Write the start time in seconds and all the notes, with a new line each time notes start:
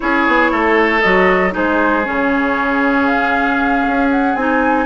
0.00 C#4 E4 G#4 C#5
0.27 B3
0.51 A3 A4
1.01 F#3 F#4 D#5
1.51 G#3 D#4 G#4 C5
2.04 C#3 C#4 C#5
3.06 F5
3.87 C#4
4.10 F#5
4.35 C4 D#4 G#5